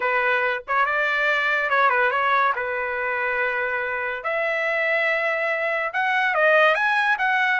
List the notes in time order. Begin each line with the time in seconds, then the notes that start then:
0.00 B4
0.67 C#5
0.85 D5
1.69 C#5
1.89 B4
2.10 C#5
2.55 B4
4.23 E5
5.93 F#5
6.34 D#5
6.74 G#5
7.18 F#5